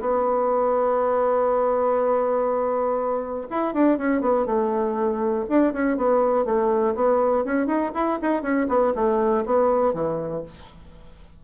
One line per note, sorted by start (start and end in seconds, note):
0.00 3.47 B3
3.50 3.74 E4
3.74 3.97 D4
3.97 4.21 C#4
4.21 4.46 B3
4.46 5.45 A3
5.49 5.73 D4
5.73 5.97 C#4
5.97 6.45 B3
6.45 6.94 A3
6.95 7.44 B3
7.44 7.67 C#4
7.67 7.91 D#4
7.94 8.19 E4
8.22 8.42 D#4
8.42 8.67 C#4
8.68 8.93 B3
8.95 9.44 A3
9.45 9.93 B3
9.93 10.43 E3